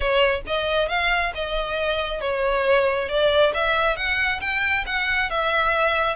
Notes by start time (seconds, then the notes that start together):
0.00 C#5
0.46 D#5
0.88 F5
1.35 D#5
2.21 C#5
3.08 D5
3.53 E5
3.96 F#5
4.40 G5
4.86 F#5
5.30 E5